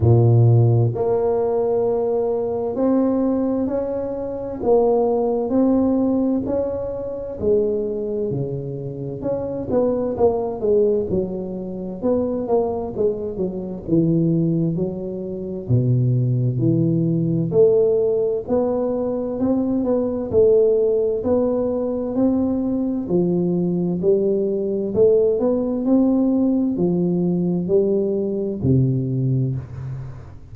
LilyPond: \new Staff \with { instrumentName = "tuba" } { \time 4/4 \tempo 4 = 65 ais,4 ais2 c'4 | cis'4 ais4 c'4 cis'4 | gis4 cis4 cis'8 b8 ais8 gis8 | fis4 b8 ais8 gis8 fis8 e4 |
fis4 b,4 e4 a4 | b4 c'8 b8 a4 b4 | c'4 f4 g4 a8 b8 | c'4 f4 g4 c4 | }